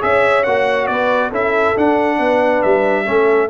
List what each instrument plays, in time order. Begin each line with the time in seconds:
0.00 tuba C#4, trombone G#4, horn C#5, trumpet E5
0.43 tuba A#3, trombone F#4, trumpet F#5
0.87 tuba B3, horn B4, trumpet D5
1.29 tuba C#4, trombone E4, horn A4, trumpet E5
1.77 trombone D4, tuba D4, trumpet F#5
2.18 tuba B3, horn B4
2.62 tuba G3, trumpet E5
3.05 tuba A3, trombone C#4, horn A4